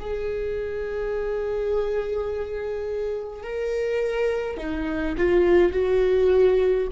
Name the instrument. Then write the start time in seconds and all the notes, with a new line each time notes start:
viola
0.00 G#4
3.44 A#4
4.57 D#4
5.18 F4
5.73 F#4